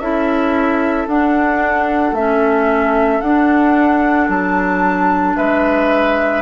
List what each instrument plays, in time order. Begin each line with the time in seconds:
0.00 bassoon C#4, clarinet E4, oboe A4, flute E5
1.08 bassoon D4, clarinet D4, flute F#5
2.13 bassoon A3, clarinet C#4, flute E5
3.21 bassoon D4, clarinet D4, flute F#5
4.29 bassoon F#3, flute A5
5.37 bassoon G#3, oboe B4, flute E5